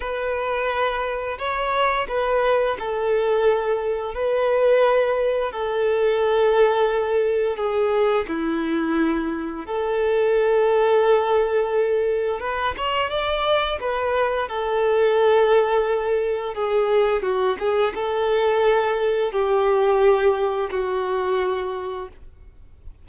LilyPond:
\new Staff \with { instrumentName = "violin" } { \time 4/4 \tempo 4 = 87 b'2 cis''4 b'4 | a'2 b'2 | a'2. gis'4 | e'2 a'2~ |
a'2 b'8 cis''8 d''4 | b'4 a'2. | gis'4 fis'8 gis'8 a'2 | g'2 fis'2 | }